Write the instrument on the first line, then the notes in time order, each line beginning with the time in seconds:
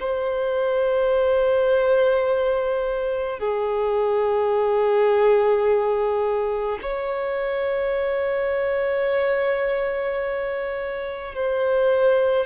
violin
0.00 C5
3.39 G#4
6.82 C#5
11.35 C5